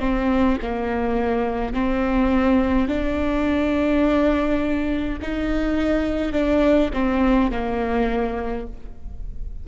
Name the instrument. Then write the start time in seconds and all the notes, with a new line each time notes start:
viola
0.00 C4
0.62 A#3
1.74 C4
2.88 D4
5.22 D#4
6.33 D4
6.94 C4
7.52 A#3